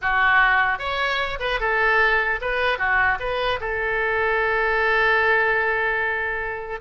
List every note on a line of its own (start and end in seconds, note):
0.01 0.78 F#4
0.78 1.38 C#5
1.39 1.59 B4
1.60 2.40 A4
2.41 2.78 B4
2.78 3.18 F#4
3.19 3.59 B4
3.60 6.80 A4